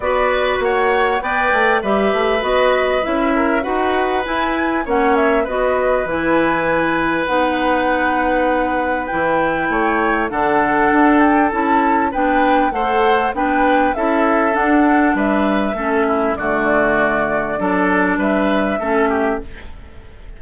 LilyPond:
<<
  \new Staff \with { instrumentName = "flute" } { \time 4/4 \tempo 4 = 99 d''4 fis''4 g''4 e''4 | dis''4 e''4 fis''4 gis''4 | fis''8 e''8 dis''4 gis''2 | fis''2. g''4~ |
g''4 fis''4. g''8 a''4 | g''4 fis''4 g''4 e''4 | fis''4 e''2 d''4~ | d''2 e''2 | }
  \new Staff \with { instrumentName = "oboe" } { \time 4/4 b'4 cis''4 d''4 b'4~ | b'4. ais'8 b'2 | cis''4 b'2.~ | b'1 |
cis''4 a'2. | b'4 c''4 b'4 a'4~ | a'4 b'4 a'8 e'8 fis'4~ | fis'4 a'4 b'4 a'8 g'8 | }
  \new Staff \with { instrumentName = "clarinet" } { \time 4/4 fis'2 b'4 g'4 | fis'4 e'4 fis'4 e'4 | cis'4 fis'4 e'2 | dis'2. e'4~ |
e'4 d'2 e'4 | d'4 a'4 d'4 e'4 | d'2 cis'4 a4~ | a4 d'2 cis'4 | }
  \new Staff \with { instrumentName = "bassoon" } { \time 4/4 b4 ais4 b8 a8 g8 a8 | b4 cis'4 dis'4 e'4 | ais4 b4 e2 | b2. e4 |
a4 d4 d'4 cis'4 | b4 a4 b4 cis'4 | d'4 g4 a4 d4~ | d4 fis4 g4 a4 | }
>>